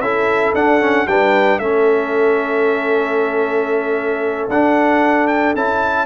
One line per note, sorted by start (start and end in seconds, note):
0.00 0.53 C#4
0.00 0.55 E4
0.00 1.08 A4
0.00 0.53 E5
0.54 1.06 D4
0.54 0.80 D4
0.54 1.07 F#5
0.80 1.07 C#4
1.07 1.58 G3
1.07 1.61 D4
1.07 1.60 B4
1.07 1.59 G5
1.58 4.48 A3
1.58 4.50 C#4
1.58 6.06 A4
1.58 4.48 E5
4.48 5.54 D4
4.48 5.56 D4
4.48 5.27 F#5
5.27 5.53 G5
5.55 6.06 C#4
5.55 6.06 E4
5.55 6.06 A5